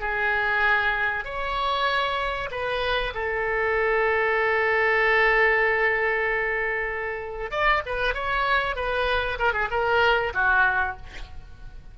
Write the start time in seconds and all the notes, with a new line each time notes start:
0.00 G#4
1.24 C#5
2.51 B4
3.14 A4
7.51 D5
7.86 B4
8.14 C#5
8.76 B4
9.39 A#4
9.53 G#4
9.71 A#4
10.34 F#4